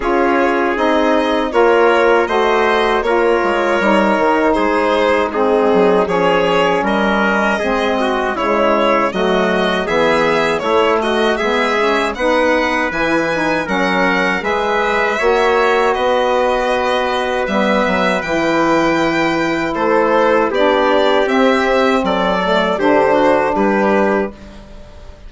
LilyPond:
<<
  \new Staff \with { instrumentName = "violin" } { \time 4/4 \tempo 4 = 79 cis''4 dis''4 cis''4 dis''4 | cis''2 c''4 gis'4 | cis''4 dis''2 cis''4 | dis''4 e''4 cis''8 dis''8 e''4 |
fis''4 gis''4 fis''4 e''4~ | e''4 dis''2 e''4 | g''2 c''4 d''4 | e''4 d''4 c''4 b'4 | }
  \new Staff \with { instrumentName = "trumpet" } { \time 4/4 gis'2 ais'4 c''4 | ais'2 gis'4 dis'4 | gis'4 ais'4 gis'8 fis'8 e'4 | fis'4 gis'4 e'8 fis'8 gis'4 |
b'2 ais'4 b'4 | cis''4 b'2.~ | b'2 a'4 g'4~ | g'4 a'4 g'8 fis'8 g'4 | }
  \new Staff \with { instrumentName = "saxophone" } { \time 4/4 f'4 dis'4 f'4 fis'4 | f'4 dis'2 c'4 | cis'2 c'4 gis4 | a4 b4 a4 b8 cis'8 |
dis'4 e'8 dis'8 cis'4 gis'4 | fis'2. b4 | e'2. d'4 | c'4. a8 d'2 | }
  \new Staff \with { instrumentName = "bassoon" } { \time 4/4 cis'4 c'4 ais4 a4 | ais8 gis8 g8 dis8 gis4. fis8 | f4 g4 gis4 cis4 | fis4 e4 a4 gis4 |
b4 e4 fis4 gis4 | ais4 b2 g8 fis8 | e2 a4 b4 | c'4 fis4 d4 g4 | }
>>